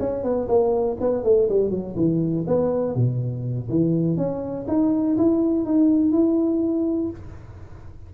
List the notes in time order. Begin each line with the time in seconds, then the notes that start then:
0.00 C#4
0.24 B3
0.48 A#3
1.01 B3
1.24 A3
1.49 G3
1.71 F#3
1.97 E3
2.47 B3
2.96 B2
3.70 E3
4.17 C#4
4.68 D#4
5.18 E4
5.65 D#4
6.12 E4